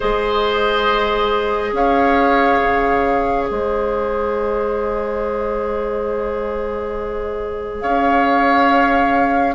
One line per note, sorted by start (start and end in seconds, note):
0.00 1.72 G#3
0.00 9.55 G#4
0.00 1.70 C5
0.00 1.74 D#5
1.72 2.59 C#4
1.72 3.49 C#5
1.72 3.47 F5
2.61 3.48 C#3
3.47 7.82 G#3
3.47 7.82 C5
3.47 7.80 D#5
7.80 9.55 C#4
7.80 9.55 C#5
7.80 9.54 F5